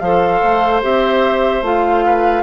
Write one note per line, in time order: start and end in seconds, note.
0.00 0.41 F3
0.00 0.82 A4
0.00 2.05 C5
0.00 0.81 F5
0.42 0.82 A3
0.82 1.61 C4
0.82 1.62 G4
0.82 1.64 E5
1.61 2.42 A3
1.61 2.42 F4
1.61 2.42 F5
2.05 2.42 B4